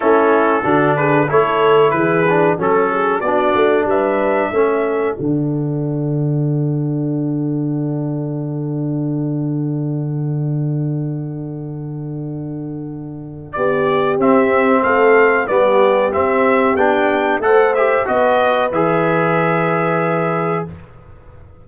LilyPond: <<
  \new Staff \with { instrumentName = "trumpet" } { \time 4/4 \tempo 4 = 93 a'4. b'8 cis''4 b'4 | a'4 d''4 e''2 | fis''1~ | fis''1~ |
fis''1~ | fis''4 d''4 e''4 f''4 | d''4 e''4 g''4 fis''8 e''8 | dis''4 e''2. | }
  \new Staff \with { instrumentName = "horn" } { \time 4/4 e'4 fis'8 gis'8 a'4 gis'4 | a'8 gis'8 fis'4 b'4 a'4~ | a'1~ | a'1~ |
a'1~ | a'4 g'2 a'4 | g'2. c''4 | b'1 | }
  \new Staff \with { instrumentName = "trombone" } { \time 4/4 cis'4 d'4 e'4. d'8 | cis'4 d'2 cis'4 | d'1~ | d'1~ |
d'1~ | d'2 c'2 | b4 c'4 d'4 a'8 g'8 | fis'4 gis'2. | }
  \new Staff \with { instrumentName = "tuba" } { \time 4/4 a4 d4 a4 e4 | fis4 b8 a8 g4 a4 | d1~ | d1~ |
d1~ | d4 b4 c'4 a4 | g4 c'4 b4 a4 | b4 e2. | }
>>